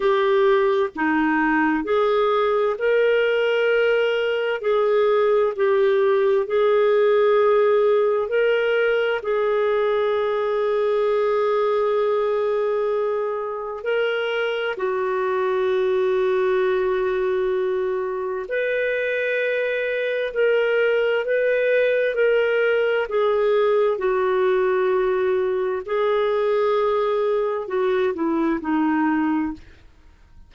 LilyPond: \new Staff \with { instrumentName = "clarinet" } { \time 4/4 \tempo 4 = 65 g'4 dis'4 gis'4 ais'4~ | ais'4 gis'4 g'4 gis'4~ | gis'4 ais'4 gis'2~ | gis'2. ais'4 |
fis'1 | b'2 ais'4 b'4 | ais'4 gis'4 fis'2 | gis'2 fis'8 e'8 dis'4 | }